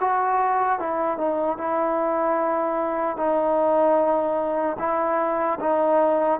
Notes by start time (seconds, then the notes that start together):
0.00 F#4
0.79 E4
1.17 D#4
1.57 E4
3.16 D#4
4.79 E4
5.60 D#4